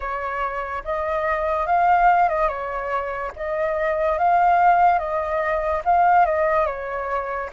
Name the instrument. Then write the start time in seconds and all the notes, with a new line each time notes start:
flute
0.00 C#5
0.84 D#5
1.66 F5
2.28 D#5
2.48 C#5
3.35 D#5
4.18 F5
4.98 D#5
5.84 F5
6.25 D#5
6.66 C#5